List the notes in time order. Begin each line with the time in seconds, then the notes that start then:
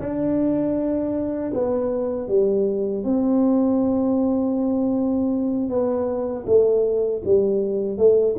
0.00 D4
1.54 B3
2.29 G3
3.04 C4
5.70 B3
6.47 A3
7.25 G3
7.98 A3